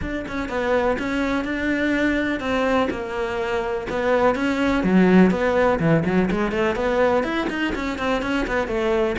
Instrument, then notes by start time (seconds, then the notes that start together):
cello
0.01 D4
0.27 C#4
0.48 B3
0.98 C#4
1.44 D4
2.40 C4
2.90 A#3
3.89 B3
4.35 C#4
4.83 F#3
5.30 B3
5.79 E3
6.05 F#3
6.31 G#3
6.51 A3
6.75 B3
7.23 E4
7.49 D#4
7.75 C#4
7.98 C4
8.22 C#4
8.47 B3
8.67 A3